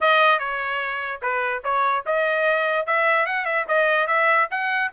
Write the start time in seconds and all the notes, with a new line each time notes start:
0.01 D#5
0.39 C#5
1.21 B4
1.63 C#5
2.06 D#5
2.86 E5
3.26 F#5
3.45 E5
3.68 D#5
4.07 E5
4.50 F#5